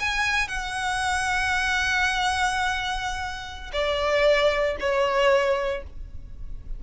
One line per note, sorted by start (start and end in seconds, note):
0.00 0.48 G#5
0.48 3.71 F#5
3.73 4.77 D5
4.80 5.84 C#5